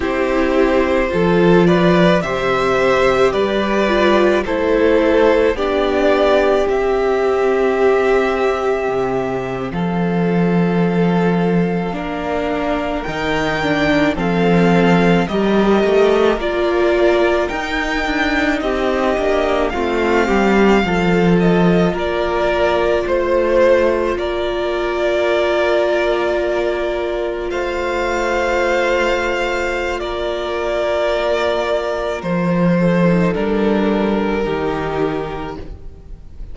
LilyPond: <<
  \new Staff \with { instrumentName = "violin" } { \time 4/4 \tempo 4 = 54 c''4. d''8 e''4 d''4 | c''4 d''4 e''2~ | e''8. f''2. g''16~ | g''8. f''4 dis''4 d''4 g''16~ |
g''8. dis''4 f''4. dis''8 d''16~ | d''8. c''4 d''2~ d''16~ | d''8. f''2~ f''16 d''4~ | d''4 c''4 ais'2 | }
  \new Staff \with { instrumentName = "violin" } { \time 4/4 g'4 a'8 b'8 c''4 b'4 | a'4 g'2.~ | g'8. a'2 ais'4~ ais'16~ | ais'8. a'4 ais'2~ ais'16~ |
ais'8. g'4 f'8 g'8 a'4 ais'16~ | ais'8. c''4 ais'2~ ais'16~ | ais'8. c''2~ c''16 ais'4~ | ais'4. a'4. g'4 | }
  \new Staff \with { instrumentName = "viola" } { \time 4/4 e'4 f'4 g'4. f'8 | e'4 d'4 c'2~ | c'2~ c'8. d'4 dis'16~ | dis'16 d'8 c'4 g'4 f'4 dis'16~ |
dis'4~ dis'16 d'8 c'4 f'4~ f'16~ | f'1~ | f'1~ | f'4.~ f'16 dis'16 d'4 dis'4 | }
  \new Staff \with { instrumentName = "cello" } { \time 4/4 c'4 f4 c4 g4 | a4 b4 c'2 | c8. f2 ais4 dis16~ | dis8. f4 g8 a8 ais4 dis'16~ |
dis'16 d'8 c'8 ais8 a8 g8 f4 ais16~ | ais8. a4 ais2~ ais16~ | ais8. a2~ a16 ais4~ | ais4 f4 g4 dis4 | }
>>